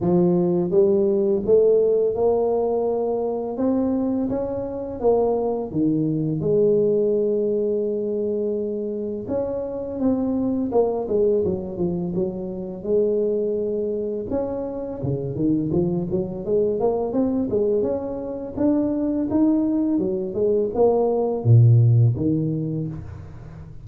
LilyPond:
\new Staff \with { instrumentName = "tuba" } { \time 4/4 \tempo 4 = 84 f4 g4 a4 ais4~ | ais4 c'4 cis'4 ais4 | dis4 gis2.~ | gis4 cis'4 c'4 ais8 gis8 |
fis8 f8 fis4 gis2 | cis'4 cis8 dis8 f8 fis8 gis8 ais8 | c'8 gis8 cis'4 d'4 dis'4 | fis8 gis8 ais4 ais,4 dis4 | }